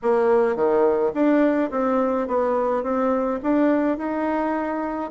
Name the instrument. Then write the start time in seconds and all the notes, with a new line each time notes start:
bassoon
0.02 A#3
0.55 D#3
1.13 D4
1.71 C4
2.27 B3
2.83 C4
3.42 D4
3.97 D#4